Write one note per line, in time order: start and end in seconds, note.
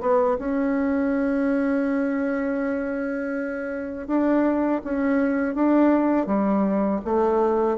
0.00 0.37 B3
0.38 4.07 C#4
4.07 4.81 D4
4.84 5.54 C#4
5.54 6.26 D4
6.26 7.00 G3
7.04 7.77 A3